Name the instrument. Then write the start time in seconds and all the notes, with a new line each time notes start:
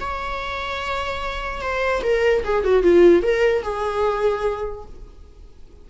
viola
0.00 C#5
1.61 C5
2.03 A#4
2.44 G#4
2.64 F#4
2.83 F4
3.23 A#4
3.63 G#4